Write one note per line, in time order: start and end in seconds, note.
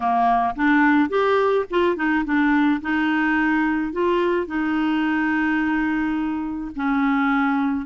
0.00 0.54 A#3
0.55 1.09 D4
1.09 1.65 G4
1.70 1.96 F4
1.96 2.24 D#4
2.24 2.80 D4
2.81 3.92 D#4
3.92 4.47 F4
4.47 6.71 D#4
6.75 7.86 C#4